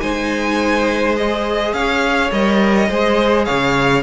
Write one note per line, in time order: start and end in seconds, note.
0.00 1.73 G#3
0.00 1.16 D#4
0.00 1.75 C5
0.00 1.15 G#5
1.16 2.31 G#4
1.16 1.73 D#5
1.73 2.30 C#4
1.73 2.89 C#5
1.73 2.31 F5
2.31 2.89 G3
2.31 2.89 A#4
2.31 3.45 D#5
2.89 3.47 G#3
2.89 4.03 G#4
2.89 3.45 C5
3.45 4.03 C#3
3.45 4.03 C#5
3.45 4.03 F5